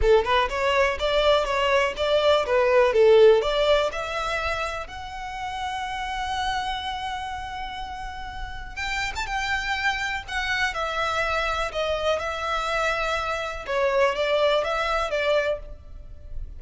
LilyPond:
\new Staff \with { instrumentName = "violin" } { \time 4/4 \tempo 4 = 123 a'8 b'8 cis''4 d''4 cis''4 | d''4 b'4 a'4 d''4 | e''2 fis''2~ | fis''1~ |
fis''2 g''8. a''16 g''4~ | g''4 fis''4 e''2 | dis''4 e''2. | cis''4 d''4 e''4 d''4 | }